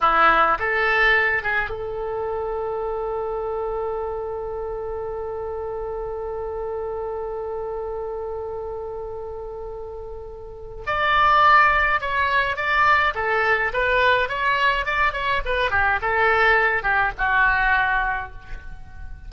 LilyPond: \new Staff \with { instrumentName = "oboe" } { \time 4/4 \tempo 4 = 105 e'4 a'4. gis'8 a'4~ | a'1~ | a'1~ | a'1~ |
a'2. d''4~ | d''4 cis''4 d''4 a'4 | b'4 cis''4 d''8 cis''8 b'8 g'8 | a'4. g'8 fis'2 | }